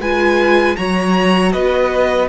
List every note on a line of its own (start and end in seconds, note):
0.00 0.76 G#3
0.00 0.77 F4
0.00 0.76 B4
0.00 0.76 G#5
0.76 1.54 F#3
0.76 2.28 F#4
0.76 1.53 C#5
0.76 1.52 A#5
1.53 2.29 B3
1.53 2.29 B4
1.53 2.28 D#5